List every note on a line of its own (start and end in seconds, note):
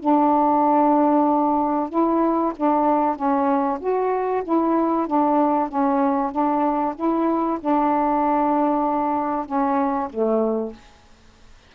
0.00 1.89 D4
1.89 2.53 E4
2.56 3.16 D4
3.16 3.79 C#4
3.80 4.43 F#4
4.44 5.07 E4
5.07 5.69 D4
5.69 6.32 C#4
6.32 6.95 D4
6.96 7.59 E4
7.60 9.46 D4
9.46 10.09 C#4
10.10 10.73 A3